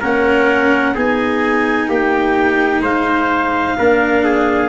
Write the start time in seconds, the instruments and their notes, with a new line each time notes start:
0.00 tuba A#3, cello C#4, trumpet A#4, clarinet F#5
0.95 tuba B3, cello D#4, trumpet G#4, clarinet G#5
1.88 tuba A#3, trumpet G4, clarinet G5
2.81 tuba G#3, trumpet C5, clarinet F5
3.78 tuba A#3, cello D4, trumpet A#4
4.24 trumpet G#4